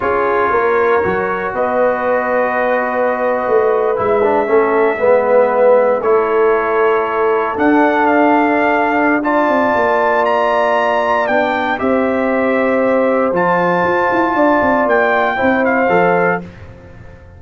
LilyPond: <<
  \new Staff \with { instrumentName = "trumpet" } { \time 4/4 \tempo 4 = 117 cis''2. dis''4~ | dis''2.~ dis''8. e''16~ | e''2.~ e''8. cis''16~ | cis''2~ cis''8. fis''4 f''16~ |
f''2 a''2 | ais''2 g''4 e''4~ | e''2 a''2~ | a''4 g''4. f''4. | }
  \new Staff \with { instrumentName = "horn" } { \time 4/4 gis'4 ais'2 b'4~ | b'1~ | b'8. a'4 b'2 a'16~ | a'1~ |
a'2 d''2~ | d''2. c''4~ | c''1 | d''2 c''2 | }
  \new Staff \with { instrumentName = "trombone" } { \time 4/4 f'2 fis'2~ | fis'2.~ fis'8. e'16~ | e'16 d'8 cis'4 b2 e'16~ | e'2~ e'8. d'4~ d'16~ |
d'2 f'2~ | f'2 d'4 g'4~ | g'2 f'2~ | f'2 e'4 a'4 | }
  \new Staff \with { instrumentName = "tuba" } { \time 4/4 cis'4 ais4 fis4 b4~ | b2~ b8. a4 gis16~ | gis8. a4 gis2 a16~ | a2~ a8. d'4~ d'16~ |
d'2~ d'8 c'8 ais4~ | ais2 b4 c'4~ | c'2 f4 f'8 e'8 | d'8 c'8 ais4 c'4 f4 | }
>>